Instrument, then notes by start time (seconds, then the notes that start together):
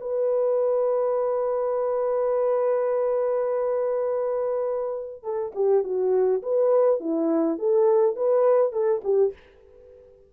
horn
0.00 B4
5.23 A4
5.54 G4
5.83 F#4
6.42 B4
7.00 E4
7.58 A4
8.16 B4
8.72 A4
9.04 G4